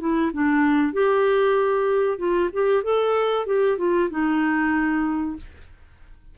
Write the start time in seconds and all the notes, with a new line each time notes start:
0.00 E4
0.33 D4
0.93 G4
2.19 F4
2.53 G4
2.84 A4
3.47 G4
3.78 F4
4.11 D#4